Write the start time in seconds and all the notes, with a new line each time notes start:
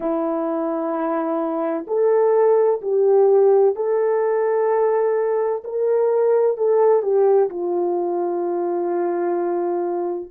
0.00 E4
1.87 A4
2.81 G4
3.75 A4
5.63 A#4
6.57 A4
7.02 G4
7.49 F4